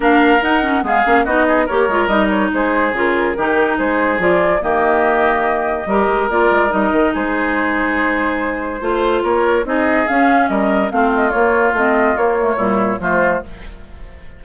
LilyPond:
<<
  \new Staff \with { instrumentName = "flute" } { \time 4/4 \tempo 4 = 143 f''4 fis''4 f''4 dis''4 | cis''4 dis''8 cis''8 c''4 ais'4~ | ais'4 c''4 d''4 dis''4~ | dis''2. d''4 |
dis''4 c''2.~ | c''2 cis''4 dis''4 | f''4 dis''4 f''8 dis''8 cis''4 | dis''4 cis''2 c''4 | }
  \new Staff \with { instrumentName = "oboe" } { \time 4/4 ais'2 gis'4 fis'8 gis'8 | ais'2 gis'2 | g'4 gis'2 g'4~ | g'2 ais'2~ |
ais'4 gis'2.~ | gis'4 c''4 ais'4 gis'4~ | gis'4 ais'4 f'2~ | f'2 e'4 f'4 | }
  \new Staff \with { instrumentName = "clarinet" } { \time 4/4 d'4 dis'8 cis'8 b8 cis'8 dis'4 | g'8 f'8 dis'2 f'4 | dis'2 f'4 ais4~ | ais2 g'4 f'4 |
dis'1~ | dis'4 f'2 dis'4 | cis'2 c'4 ais4 | c'4 ais8 a8 g4 a4 | }
  \new Staff \with { instrumentName = "bassoon" } { \time 4/4 ais4 dis'4 gis8 ais8 b4 | ais8 gis8 g4 gis4 cis4 | dis4 gis4 f4 dis4~ | dis2 g8 gis8 ais8 gis8 |
g8 dis8 gis2.~ | gis4 a4 ais4 c'4 | cis'4 g4 a4 ais4 | a4 ais4 ais,4 f4 | }
>>